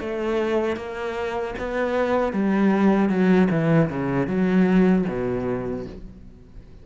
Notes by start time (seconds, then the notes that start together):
0.00 A3
0.77 A#3
1.58 B3
2.33 G3
3.09 F#3
3.51 E3
3.90 C#3
4.28 F#3
5.08 B2